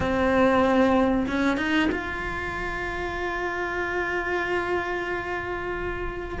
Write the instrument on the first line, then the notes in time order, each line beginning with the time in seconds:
cello
0.00 C4
1.27 C#4
1.57 D#4
1.91 F4